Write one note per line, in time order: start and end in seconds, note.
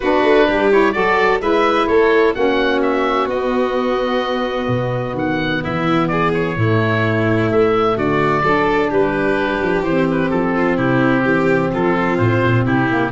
0.00 0.22 B3
0.00 0.71 D4
0.00 0.47 F#4
0.00 0.70 B4
0.22 0.46 A3
0.47 0.95 G3
0.47 0.94 G4
0.71 0.92 E4
0.71 0.92 C#5
0.92 1.40 F#3
0.92 1.39 F#4
0.92 1.41 A4
0.92 1.38 D5
1.40 1.87 G#3
1.40 2.34 E4
1.40 1.88 B4
1.40 1.87 E5
1.87 2.34 A3
1.87 2.36 A4
1.87 2.34 C#5
2.34 3.26 A#3
2.34 3.28 C#4
2.34 5.62 F#4
2.34 2.81 F#5
2.82 3.28 E5
3.26 4.67 B3
3.26 6.58 B3
3.26 5.16 D#5
4.67 5.13 B2
5.13 5.60 D#3
5.13 5.64 F#5
5.62 6.56 E3
5.62 6.09 E4
5.62 6.08 E5
6.08 6.57 G#4
6.08 6.31 D5
6.33 7.50 C#5
6.56 7.50 A2
6.56 8.44 A3
6.56 7.96 E4
7.51 7.96 A3
7.51 7.98 E5
7.96 8.42 D3
7.96 8.43 F#4
7.96 8.92 D5
8.42 8.89 F#3
8.42 9.84 D4
8.42 8.90 A4
8.90 9.61 G3
8.90 10.54 G4
8.90 9.83 B4
9.62 9.81 F3
9.81 10.28 E3
9.81 12.89 C4
9.81 10.06 C5
10.10 10.30 B4
10.30 10.78 F3
10.30 10.76 A4
10.56 10.77 F4
10.77 11.24 C3
10.77 11.24 E4
10.77 11.71 G4
11.24 11.71 E3
11.24 11.71 G4
11.73 12.18 F3
11.73 12.66 F4
11.73 12.17 A4
12.17 12.42 A2
12.17 12.64 C5
12.43 12.65 A#2
12.65 13.11 C3
12.65 13.12 E4
12.65 13.12 G4
12.89 13.12 A#3